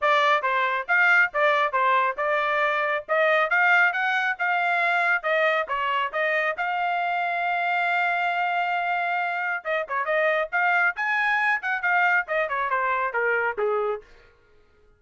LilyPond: \new Staff \with { instrumentName = "trumpet" } { \time 4/4 \tempo 4 = 137 d''4 c''4 f''4 d''4 | c''4 d''2 dis''4 | f''4 fis''4 f''2 | dis''4 cis''4 dis''4 f''4~ |
f''1~ | f''2 dis''8 cis''8 dis''4 | f''4 gis''4. fis''8 f''4 | dis''8 cis''8 c''4 ais'4 gis'4 | }